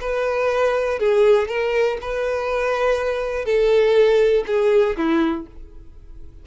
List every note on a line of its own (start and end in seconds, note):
0.00 0.99 B4
0.99 1.48 G#4
1.48 1.97 A#4
2.01 3.45 B4
3.45 4.44 A4
4.47 4.96 G#4
4.97 5.46 E4